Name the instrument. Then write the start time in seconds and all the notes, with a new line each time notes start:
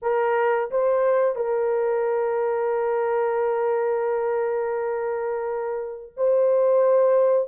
horn
0.02 A#4
0.70 C5
1.35 A#4
6.16 C5